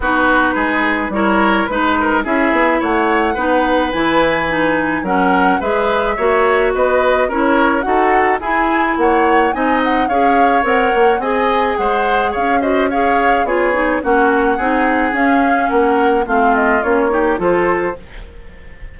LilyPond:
<<
  \new Staff \with { instrumentName = "flute" } { \time 4/4 \tempo 4 = 107 b'2 cis''4 b'4 | e''4 fis''2 gis''4~ | gis''4 fis''4 e''2 | dis''4 cis''4 fis''4 gis''4 |
fis''4 gis''8 fis''8 f''4 fis''4 | gis''4 fis''4 f''8 dis''8 f''4 | cis''4 fis''2 f''4 | fis''4 f''8 dis''8 cis''4 c''4 | }
  \new Staff \with { instrumentName = "oboe" } { \time 4/4 fis'4 gis'4 ais'4 b'8 ais'8 | gis'4 cis''4 b'2~ | b'4 ais'4 b'4 cis''4 | b'4 ais'4 a'4 gis'4 |
cis''4 dis''4 cis''2 | dis''4 c''4 cis''8 c''8 cis''4 | gis'4 fis'4 gis'2 | ais'4 f'4. g'8 a'4 | }
  \new Staff \with { instrumentName = "clarinet" } { \time 4/4 dis'2 e'4 dis'4 | e'2 dis'4 e'4 | dis'4 cis'4 gis'4 fis'4~ | fis'4 e'4 fis'4 e'4~ |
e'4 dis'4 gis'4 ais'4 | gis'2~ gis'8 fis'8 gis'4 | f'8 dis'8 cis'4 dis'4 cis'4~ | cis'4 c'4 cis'8 dis'8 f'4 | }
  \new Staff \with { instrumentName = "bassoon" } { \time 4/4 b4 gis4 g4 gis4 | cis'8 b8 a4 b4 e4~ | e4 fis4 gis4 ais4 | b4 cis'4 dis'4 e'4 |
ais4 c'4 cis'4 c'8 ais8 | c'4 gis4 cis'2 | b4 ais4 c'4 cis'4 | ais4 a4 ais4 f4 | }
>>